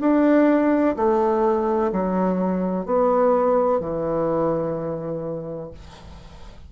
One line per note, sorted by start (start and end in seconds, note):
0.00 0.95 D4
0.96 1.91 A3
1.92 2.85 F#3
2.85 3.80 B3
3.80 5.70 E3